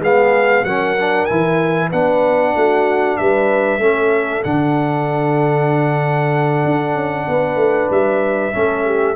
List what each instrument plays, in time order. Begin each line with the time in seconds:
0.00 tuba G#3, trombone B3, horn G#4, trumpet F5
0.63 tuba F#3, trombone C#4, horn A#4, trumpet F#5
0.98 trombone D4
1.25 tuba E3, trombone E4, trumpet G#5
1.89 tuba B3, trombone D4, horn B4, trumpet F#5
2.55 tuba A3, horn F#4
3.16 tuba G3, horn B4, trumpet E5
3.78 tuba A3, trombone C#4, horn A4
4.44 tuba D3, trombone D4, trumpet F#5
6.64 tuba D4
6.95 tuba C#4
7.27 tuba B3, horn B4
7.55 tuba A3
7.90 tuba G3, trumpet E5
8.52 tuba A3, trombone C#4, horn A4
8.84 horn G4